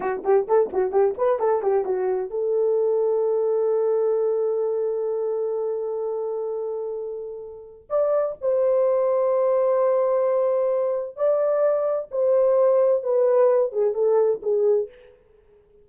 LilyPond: \new Staff \with { instrumentName = "horn" } { \time 4/4 \tempo 4 = 129 fis'8 g'8 a'8 fis'8 g'8 b'8 a'8 g'8 | fis'4 a'2.~ | a'1~ | a'1~ |
a'4 d''4 c''2~ | c''1 | d''2 c''2 | b'4. gis'8 a'4 gis'4 | }